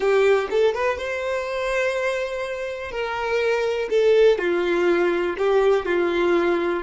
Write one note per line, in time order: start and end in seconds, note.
0.00 0.48 G4
0.50 0.74 A4
0.74 0.98 B4
0.98 2.91 C5
2.91 3.88 A#4
3.90 4.38 A4
4.38 5.35 F4
5.37 5.85 G4
5.85 6.83 F4